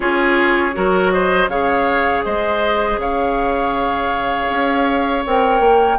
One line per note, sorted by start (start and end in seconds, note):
0.00 0.74 C#4
0.00 0.73 F4
0.00 0.75 G#4
0.00 1.11 C#5
0.73 1.48 F#3
0.73 1.48 F#4
0.73 1.13 A#4
1.11 1.50 C5
1.11 1.48 D#5
1.48 2.23 C#3
1.48 5.25 G#4
1.48 2.25 C#5
1.48 2.24 F5
2.24 2.97 G#3
2.24 3.00 C5
2.24 2.99 D#5
2.97 4.47 C#3
2.97 5.98 C#5
2.97 5.25 F5
4.49 5.24 C#4
5.25 5.60 C4
5.25 5.98 A#4
5.25 5.98 G5
5.60 5.97 A#3